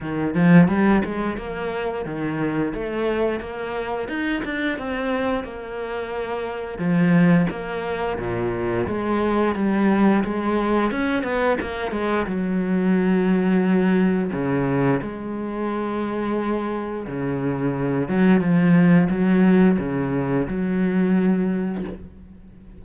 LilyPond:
\new Staff \with { instrumentName = "cello" } { \time 4/4 \tempo 4 = 88 dis8 f8 g8 gis8 ais4 dis4 | a4 ais4 dis'8 d'8 c'4 | ais2 f4 ais4 | ais,4 gis4 g4 gis4 |
cis'8 b8 ais8 gis8 fis2~ | fis4 cis4 gis2~ | gis4 cis4. fis8 f4 | fis4 cis4 fis2 | }